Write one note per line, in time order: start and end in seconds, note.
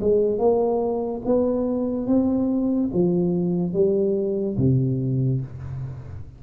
0.00 0.38 G#3
0.38 1.22 A#3
1.25 2.07 B3
2.07 2.90 C4
2.93 3.73 F3
3.73 4.56 G3
4.57 5.41 C3